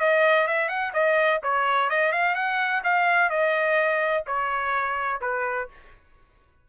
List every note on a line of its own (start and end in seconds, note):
0.00 0.47 D#5
0.47 0.69 E5
0.69 0.92 F#5
0.93 1.40 D#5
1.43 1.90 C#5
1.90 2.12 D#5
2.12 2.35 F5
2.35 2.82 F#5
2.84 3.30 F5
3.30 4.24 D#5
4.26 5.21 C#5
5.21 5.68 B4